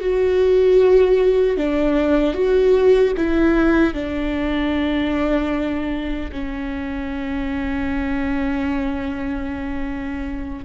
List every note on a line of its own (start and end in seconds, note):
0.00 1.57 F#4
1.57 2.34 D4
2.34 3.13 F#4
3.17 3.94 E4
3.94 6.31 D4
6.32 10.65 C#4